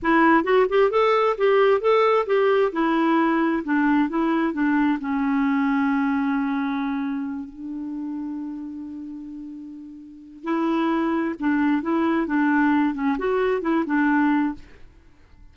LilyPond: \new Staff \with { instrumentName = "clarinet" } { \time 4/4 \tempo 4 = 132 e'4 fis'8 g'8 a'4 g'4 | a'4 g'4 e'2 | d'4 e'4 d'4 cis'4~ | cis'1~ |
cis'8 d'2.~ d'8~ | d'2. e'4~ | e'4 d'4 e'4 d'4~ | d'8 cis'8 fis'4 e'8 d'4. | }